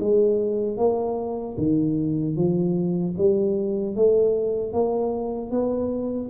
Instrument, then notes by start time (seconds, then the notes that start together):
tuba
0.00 G#3
0.77 A#3
1.58 D#3
2.36 F3
3.17 G3
3.95 A3
4.73 A#3
5.50 B3